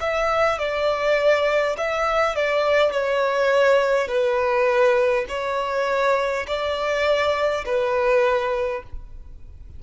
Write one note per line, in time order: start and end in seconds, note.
0.00 0.58 E5
0.58 1.76 D5
1.77 2.35 E5
2.35 2.91 D5
2.91 4.07 C#5
4.07 5.25 B4
5.28 6.46 C#5
6.47 7.64 D5
7.65 8.83 B4